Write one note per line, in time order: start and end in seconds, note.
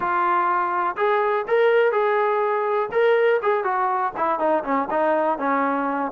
0.00 0.96 F4
0.96 1.45 G#4
1.47 1.92 A#4
1.92 2.89 G#4
2.91 3.40 A#4
3.42 3.64 G#4
3.64 4.12 F#4
4.16 4.39 E4
4.39 4.63 D#4
4.64 4.88 C#4
4.90 5.38 D#4
5.38 6.11 C#4